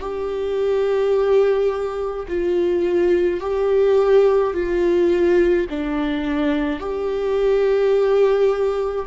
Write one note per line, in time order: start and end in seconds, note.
0.00 2.26 G4
2.28 3.40 F4
3.40 4.53 G4
4.53 5.67 F4
5.70 6.80 D4
6.80 9.06 G4